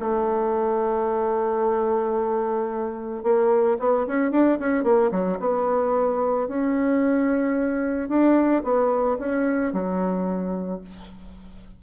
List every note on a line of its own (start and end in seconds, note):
0.00 3.24 A3
3.24 3.78 A#3
3.80 4.07 B3
4.07 4.32 C#4
4.32 4.59 D4
4.60 4.84 C#4
4.84 5.11 A#3
5.12 5.39 F#3
5.40 6.48 B3
6.48 8.09 C#4
8.09 8.63 D4
8.64 9.18 B3
9.19 9.73 C#4
9.73 10.81 F#3